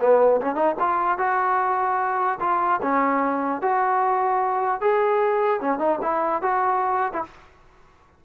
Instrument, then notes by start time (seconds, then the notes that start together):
trombone
0.00 B3
0.41 C#4
0.55 D#4
0.79 F4
1.18 F#4
2.40 F4
2.82 C#4
3.61 F#4
4.80 G#4
5.60 C#4
5.79 D#4
6.01 E4
6.42 F#4
7.13 E4